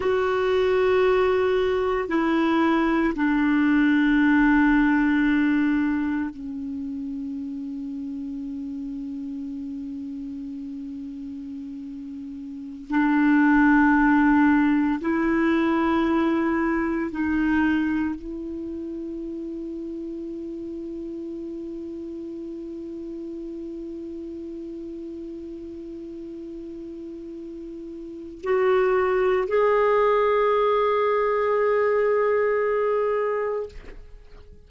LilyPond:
\new Staff \with { instrumentName = "clarinet" } { \time 4/4 \tempo 4 = 57 fis'2 e'4 d'4~ | d'2 cis'2~ | cis'1~ | cis'16 d'2 e'4.~ e'16~ |
e'16 dis'4 e'2~ e'8.~ | e'1~ | e'2. fis'4 | gis'1 | }